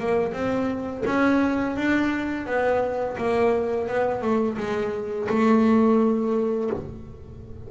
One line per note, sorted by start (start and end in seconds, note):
0.00 0.33 A#3
0.33 1.04 C4
1.06 1.77 C#4
1.77 2.46 D4
2.46 3.17 B3
3.18 3.88 A#3
3.88 4.22 B3
4.22 4.58 A3
4.58 5.28 G#3
5.29 6.71 A3